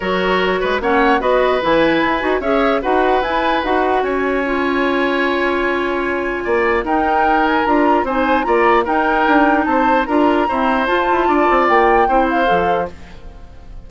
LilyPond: <<
  \new Staff \with { instrumentName = "flute" } { \time 4/4 \tempo 4 = 149 cis''2 fis''4 dis''4 | gis''2 e''4 fis''4 | gis''4 fis''4 gis''2~ | gis''1~ |
gis''4 g''4. gis''8 ais''4 | gis''4 ais''4 g''2 | a''4 ais''2 a''4~ | a''4 g''4. f''4. | }
  \new Staff \with { instrumentName = "oboe" } { \time 4/4 ais'4. b'8 cis''4 b'4~ | b'2 cis''4 b'4~ | b'2 cis''2~ | cis''1 |
d''4 ais'2. | c''4 d''4 ais'2 | c''4 ais'4 c''2 | d''2 c''2 | }
  \new Staff \with { instrumentName = "clarinet" } { \time 4/4 fis'2 cis'4 fis'4 | e'4. fis'8 gis'4 fis'4 | e'4 fis'2 f'4~ | f'1~ |
f'4 dis'2 f'4 | dis'4 f'4 dis'2~ | dis'4 f'4 c'4 f'4~ | f'2 e'4 a'4 | }
  \new Staff \with { instrumentName = "bassoon" } { \time 4/4 fis4. gis8 ais4 b4 | e4 e'8 dis'8 cis'4 dis'4 | e'4 dis'4 cis'2~ | cis'1 |
ais4 dis'2 d'4 | c'4 ais4 dis'4 d'4 | c'4 d'4 e'4 f'8 e'8 | d'8 c'8 ais4 c'4 f4 | }
>>